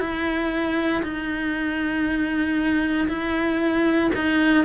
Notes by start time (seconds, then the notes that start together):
0.00 E4
1.03 D#4
3.08 E4
4.15 D#4